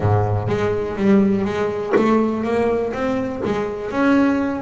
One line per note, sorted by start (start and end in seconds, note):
0.00 0.48 G#2
0.48 0.96 G#3
0.96 1.44 G3
1.44 1.93 G#3
1.95 2.43 A3
2.43 2.92 A#3
2.93 3.41 C4
3.45 3.90 G#3
3.90 4.61 C#4